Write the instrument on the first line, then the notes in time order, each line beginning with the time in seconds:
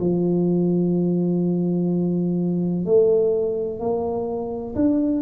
tuba
0.00 F3
2.85 A3
3.80 A#3
4.75 D4